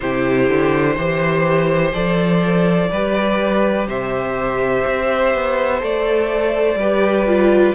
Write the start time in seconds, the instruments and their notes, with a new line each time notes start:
0.00 cello C3, viola E4, violin G4 C5
0.49 cello D3
0.95 cello E3, viola G4, violin C5
1.93 cello F3, viola A4, violin D5
2.90 cello G3, viola G4, violin B4
3.87 cello C3, violin C5 E5
4.86 cello C4
5.34 cello B3
5.79 cello A3, viola A4, violin D5
6.75 cello G3, viola G4, violin B4
7.26 viola F4